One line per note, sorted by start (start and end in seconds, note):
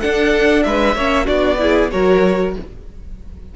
0.00 0.96 D4
0.00 0.65 D4
0.00 0.63 A4
0.00 0.63 F#5
0.63 0.95 G#3
0.63 0.95 B4
0.63 1.26 E5
0.95 1.26 A#3
0.95 1.25 C#4
0.95 1.24 C#5
1.24 1.92 B3
1.24 1.57 D4
1.24 1.56 F#4
1.24 1.90 D5
1.59 1.90 E4
1.59 1.92 G#4
1.91 2.55 F#3
1.91 2.54 F#4
1.91 2.55 A#4
1.91 2.54 C#5